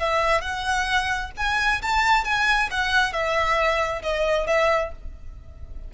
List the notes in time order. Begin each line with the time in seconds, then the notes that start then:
0.00 E5
0.42 F#5
1.38 G#5
1.83 A5
2.25 G#5
2.71 F#5
3.13 E5
4.03 D#5
4.47 E5